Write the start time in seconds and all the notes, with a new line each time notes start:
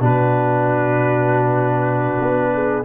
0.00 B2 D4 F#4 B4
2.19 B3
2.53 G#4